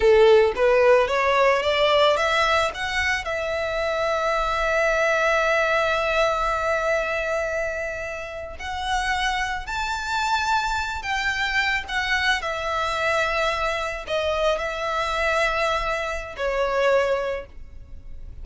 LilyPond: \new Staff \with { instrumentName = "violin" } { \time 4/4 \tempo 4 = 110 a'4 b'4 cis''4 d''4 | e''4 fis''4 e''2~ | e''1~ | e''2.~ e''8. fis''16~ |
fis''4.~ fis''16 a''2~ a''16~ | a''16 g''4. fis''4 e''4~ e''16~ | e''4.~ e''16 dis''4 e''4~ e''16~ | e''2 cis''2 | }